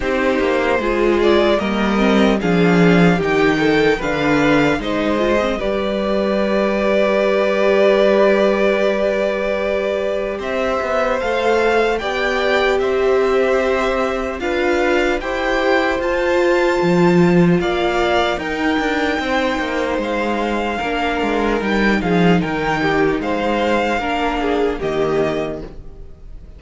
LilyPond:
<<
  \new Staff \with { instrumentName = "violin" } { \time 4/4 \tempo 4 = 75 c''4. d''8 dis''4 f''4 | g''4 f''4 dis''4 d''4~ | d''1~ | d''4 e''4 f''4 g''4 |
e''2 f''4 g''4 | a''2 f''4 g''4~ | g''4 f''2 g''8 f''8 | g''4 f''2 dis''4 | }
  \new Staff \with { instrumentName = "violin" } { \time 4/4 g'4 gis'4 ais'4 gis'4 | g'8 a'8 b'4 c''4 b'4~ | b'1~ | b'4 c''2 d''4 |
c''2 b'4 c''4~ | c''2 d''4 ais'4 | c''2 ais'4. gis'8 | ais'8 g'8 c''4 ais'8 gis'8 g'4 | }
  \new Staff \with { instrumentName = "viola" } { \time 4/4 dis'4 f'4 ais8 c'8 d'4 | dis'4 d'4 dis'8 f'16 c'16 g'4~ | g'1~ | g'2 a'4 g'4~ |
g'2 f'4 g'4 | f'2. dis'4~ | dis'2 d'4 dis'4~ | dis'2 d'4 ais4 | }
  \new Staff \with { instrumentName = "cello" } { \time 4/4 c'8 ais8 gis4 g4 f4 | dis4 d4 gis4 g4~ | g1~ | g4 c'8 b8 a4 b4 |
c'2 d'4 e'4 | f'4 f4 ais4 dis'8 d'8 | c'8 ais8 gis4 ais8 gis8 g8 f8 | dis4 gis4 ais4 dis4 | }
>>